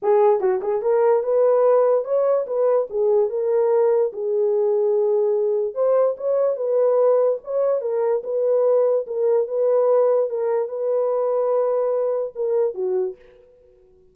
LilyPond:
\new Staff \with { instrumentName = "horn" } { \time 4/4 \tempo 4 = 146 gis'4 fis'8 gis'8 ais'4 b'4~ | b'4 cis''4 b'4 gis'4 | ais'2 gis'2~ | gis'2 c''4 cis''4 |
b'2 cis''4 ais'4 | b'2 ais'4 b'4~ | b'4 ais'4 b'2~ | b'2 ais'4 fis'4 | }